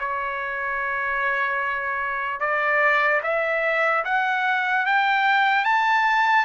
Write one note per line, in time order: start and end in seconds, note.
0.00 2.40 C#5
2.40 3.21 D5
3.23 4.04 E5
4.05 4.86 F#5
4.86 5.65 G5
5.65 6.45 A5